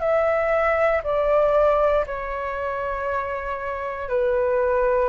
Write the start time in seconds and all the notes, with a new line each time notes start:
0.00 E5
1.04 D5
2.07 C#5
4.09 B4